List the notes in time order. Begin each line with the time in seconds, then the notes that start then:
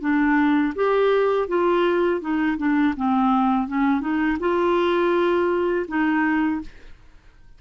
0.00 D4
0.75 G4
1.48 F4
2.21 D#4
2.57 D4
2.96 C4
3.67 C#4
4.00 D#4
4.39 F4
5.88 D#4